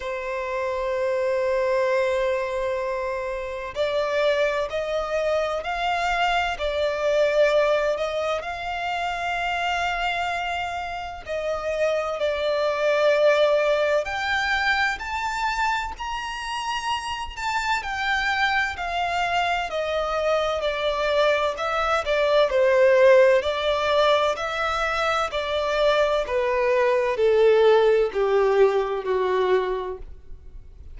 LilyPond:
\new Staff \with { instrumentName = "violin" } { \time 4/4 \tempo 4 = 64 c''1 | d''4 dis''4 f''4 d''4~ | d''8 dis''8 f''2. | dis''4 d''2 g''4 |
a''4 ais''4. a''8 g''4 | f''4 dis''4 d''4 e''8 d''8 | c''4 d''4 e''4 d''4 | b'4 a'4 g'4 fis'4 | }